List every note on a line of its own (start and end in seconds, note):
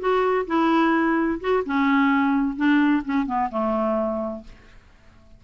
0.00 0.47 F#4
0.47 1.40 E4
1.41 1.64 F#4
1.66 2.57 C#4
2.57 3.03 D4
3.05 3.27 C#4
3.27 3.50 B3
3.51 4.44 A3